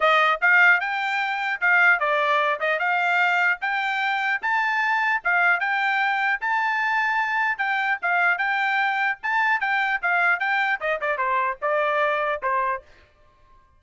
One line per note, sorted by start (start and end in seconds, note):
0.00 0.40 D#5
0.41 0.80 F5
0.80 1.60 G5
1.61 1.99 F5
1.99 2.59 D5
2.60 2.79 D#5
2.79 3.59 F5
3.61 4.41 G5
4.41 5.21 A5
5.23 5.59 F5
5.59 6.39 G5
6.41 7.58 A5
7.58 7.98 G5
8.02 8.38 F5
8.38 9.18 G5
9.22 9.60 A5
9.60 10.00 G5
10.02 10.39 F5
10.39 10.79 G5
10.80 11.00 D#5
11.00 11.17 D5
11.17 11.57 C5
11.61 12.41 D5
12.42 12.82 C5